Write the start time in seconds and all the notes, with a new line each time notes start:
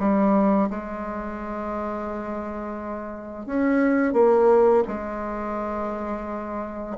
0.00 G3
0.70 G#3
3.46 C#4
4.14 A#3
4.88 G#3